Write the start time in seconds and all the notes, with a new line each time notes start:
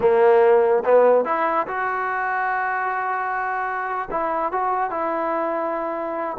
0.00 A#3
0.84 B3
1.25 E4
1.67 F#4
4.10 E4
4.52 F#4
4.90 E4